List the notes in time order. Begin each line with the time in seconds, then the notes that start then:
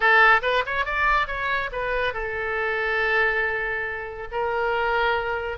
0.00 A4
0.42 B4
0.66 C#5
0.85 D5
1.27 C#5
1.72 B4
2.13 A4
4.31 A#4